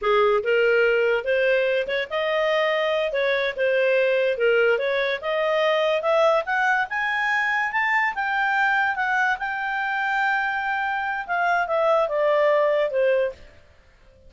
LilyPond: \new Staff \with { instrumentName = "clarinet" } { \time 4/4 \tempo 4 = 144 gis'4 ais'2 c''4~ | c''8 cis''8 dis''2~ dis''8 cis''8~ | cis''8 c''2 ais'4 cis''8~ | cis''8 dis''2 e''4 fis''8~ |
fis''8 gis''2 a''4 g''8~ | g''4. fis''4 g''4.~ | g''2. f''4 | e''4 d''2 c''4 | }